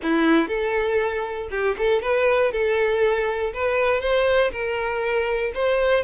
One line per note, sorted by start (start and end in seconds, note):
0.02 0.48 E4
0.48 1.49 A4
1.51 1.76 G4
1.78 2.02 A4
2.02 2.52 B4
2.52 3.52 A4
3.53 4.00 B4
4.00 4.51 C5
4.51 5.52 A#4
5.54 6.03 C5